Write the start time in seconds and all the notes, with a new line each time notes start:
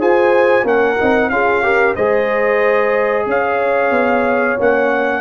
0.00 F4 G#4 C5 G#5
0.64 A#3 C#4 A#4 F#5
1.00 C4 D#4
1.30 C#4 F4 G#4 F5
1.63 G4 A#4
1.96 G#3 G#4 C5 D#5
3.26 C#4 C#5 F5
3.91 B3
4.59 A#3 C#4 F#5